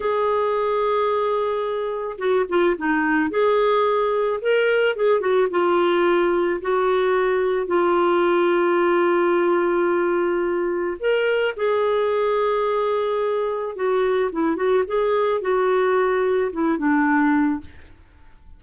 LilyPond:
\new Staff \with { instrumentName = "clarinet" } { \time 4/4 \tempo 4 = 109 gis'1 | fis'8 f'8 dis'4 gis'2 | ais'4 gis'8 fis'8 f'2 | fis'2 f'2~ |
f'1 | ais'4 gis'2.~ | gis'4 fis'4 e'8 fis'8 gis'4 | fis'2 e'8 d'4. | }